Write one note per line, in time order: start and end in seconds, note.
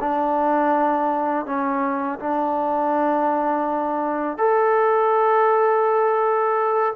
0.00 1.45 D4
1.45 2.19 C#4
2.19 4.38 D4
4.38 6.94 A4